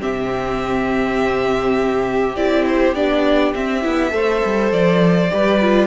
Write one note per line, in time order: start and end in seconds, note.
0.00 2.36 C3
0.00 2.35 C4
0.00 4.13 G4
0.00 2.36 E5
2.36 2.95 C4
2.36 2.95 E4
2.36 2.66 D5
2.67 2.95 C5
2.95 3.54 B3
2.95 3.54 D4
2.95 3.54 D5
3.55 3.82 C4
3.55 3.85 C4
3.55 4.73 E5
3.82 4.12 B3
3.82 4.10 E4
4.10 4.42 A3
4.10 5.28 A4
4.10 5.32 C5
4.45 4.72 G3
4.72 5.31 F3
4.72 5.87 D5
5.31 5.87 G3
5.31 5.61 G4
5.31 5.87 B4
5.61 5.87 F4